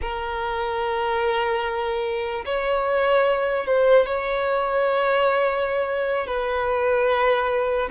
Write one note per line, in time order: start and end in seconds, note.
0.01 2.45 A#4
2.45 3.66 C#5
3.66 4.05 C5
4.05 6.27 C#5
6.27 7.89 B4